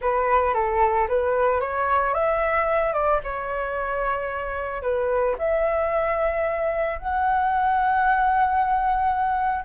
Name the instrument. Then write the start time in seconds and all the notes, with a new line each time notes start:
flute
0.01 B4
0.54 A4
1.08 B4
1.60 C#5
2.14 E5
2.93 D5
3.23 C#5
4.82 B4
5.38 E5
6.98 F#5